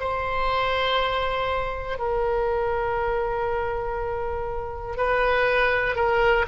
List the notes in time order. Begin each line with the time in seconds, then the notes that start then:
0.00 C5
1.98 A#4
4.96 B4
5.95 A#4